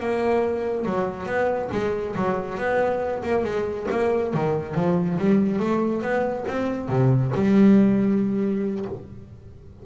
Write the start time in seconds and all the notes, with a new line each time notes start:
0.00 A#3
0.85 F#3
1.26 B3
1.72 G#3
2.16 F#3
2.58 B3
3.23 A#3
3.44 G#3
3.91 A#3
4.34 D#3
4.75 F3
5.18 G3
5.59 A3
6.02 B3
6.48 C4
6.89 C3
7.35 G3